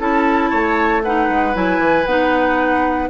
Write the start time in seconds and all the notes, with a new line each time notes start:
0.00 C#4 E4 A4 A5
0.51 A3 C#5
1.04 D#4 B4 F#5
1.29 G#3
1.54 F#3 E4 G#5
1.79 E3
2.06 B3 D#4 F#5